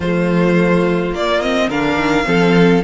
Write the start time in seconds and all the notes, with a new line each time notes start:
0.00 F3 A3 F4 C5
1.10 A#3 D5
1.41 C4 D#5
1.68 D3 D4 A#4 F5
1.96 D#3
2.24 F3 C4 A4